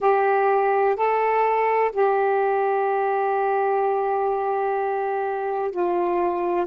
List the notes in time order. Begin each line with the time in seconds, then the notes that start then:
0.00 G4
0.96 A4
1.91 G4
5.71 F4